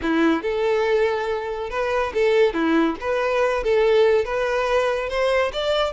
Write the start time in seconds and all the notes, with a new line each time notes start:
0.02 E4
0.42 A4
1.70 B4
2.14 A4
2.53 E4
3.00 B4
3.63 A4
4.24 B4
5.09 C5
5.52 D5